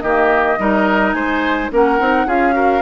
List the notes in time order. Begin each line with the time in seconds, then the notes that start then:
0.00 D#3 A#3 G4 D#5
0.58 G3 D#4 A#4
1.12 G#3 C5 G#5
1.71 A#3 C#4 A#4 F#5
1.99 C4 D#4
2.26 C#4 F4 G#4 F5
2.52 F#4 A#4